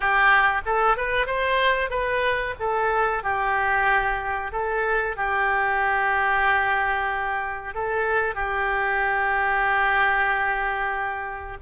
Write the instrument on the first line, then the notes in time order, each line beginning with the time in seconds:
oboe
0.00 G4
0.65 A4
0.96 B4
1.26 C5
1.90 B4
2.59 A4
3.23 G4
4.52 A4
5.16 G4
7.74 A4
8.34 G4